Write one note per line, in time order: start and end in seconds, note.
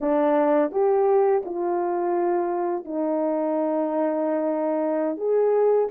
0.00 0.71 D4
0.71 1.43 G4
1.45 2.84 F4
2.84 5.17 D#4
5.17 5.88 G#4